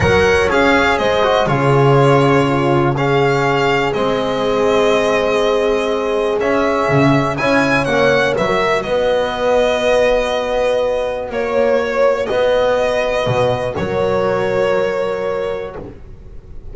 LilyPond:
<<
  \new Staff \with { instrumentName = "violin" } { \time 4/4 \tempo 4 = 122 fis''4 f''4 dis''4 cis''4~ | cis''2 f''2 | dis''1~ | dis''4 e''2 gis''4 |
fis''4 e''4 dis''2~ | dis''2. cis''4~ | cis''4 dis''2. | cis''1 | }
  \new Staff \with { instrumentName = "horn" } { \time 4/4 cis''2 c''4 gis'4~ | gis'4 f'4 gis'2~ | gis'1~ | gis'2. cis''4~ |
cis''4 b'16 ais'8. b'2~ | b'2. cis''4~ | cis''4 b'2. | ais'1 | }
  \new Staff \with { instrumentName = "trombone" } { \time 4/4 ais'4 gis'4. fis'8 f'4~ | f'2 cis'2 | c'1~ | c'4 cis'2 e'4 |
cis'4 fis'2.~ | fis'1~ | fis'1~ | fis'1 | }
  \new Staff \with { instrumentName = "double bass" } { \time 4/4 fis4 cis'4 gis4 cis4~ | cis1 | gis1~ | gis4 cis'4 cis4 cis'4 |
ais4 fis4 b2~ | b2. ais4~ | ais4 b2 b,4 | fis1 | }
>>